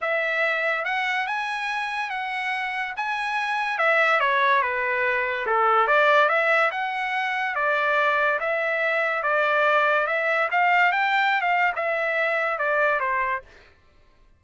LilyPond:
\new Staff \with { instrumentName = "trumpet" } { \time 4/4 \tempo 4 = 143 e''2 fis''4 gis''4~ | gis''4 fis''2 gis''4~ | gis''4 e''4 cis''4 b'4~ | b'4 a'4 d''4 e''4 |
fis''2 d''2 | e''2 d''2 | e''4 f''4 g''4~ g''16 f''8. | e''2 d''4 c''4 | }